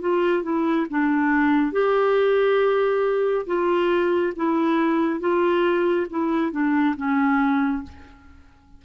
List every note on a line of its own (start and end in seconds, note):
0.00 0.43 F4
0.43 0.86 E4
0.90 1.72 D4
1.72 3.46 G4
3.46 4.33 F4
4.36 5.20 E4
5.20 6.07 F4
6.09 6.51 E4
6.51 6.95 D4
6.96 7.83 C#4